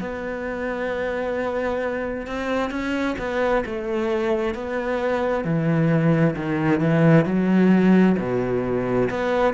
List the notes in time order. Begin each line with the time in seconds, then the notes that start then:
0.00 B3
2.27 C4
2.71 C#4
3.19 B3
3.66 A3
4.55 B3
5.45 E3
6.36 D#3
6.81 E3
7.26 F#3
8.19 B2
9.10 B3